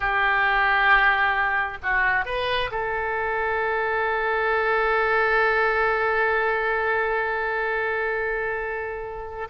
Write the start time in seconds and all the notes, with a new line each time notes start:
0.00 G4
1.83 F#4
2.25 B4
2.71 A4